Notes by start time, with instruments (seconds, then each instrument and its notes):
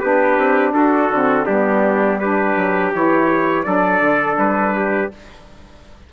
0.00 bassoon B3, saxophone D4, trumpet G4 B4
0.37 bassoon C4
0.72 bassoon D4, trumpet F#4 A4
1.10 bassoon D3, saxophone C4
1.46 bassoon G3, saxophone B3, trumpet D4 G4
2.19 saxophone D4, trumpet G4 B4
2.56 bassoon F#3
2.94 bassoon E3, saxophone E4, trumpet C#5
3.63 bassoon F#3, saxophone D4, trumpet A4 D5
4.01 bassoon D3
4.37 bassoon G3, trumpet B4
4.76 trumpet G4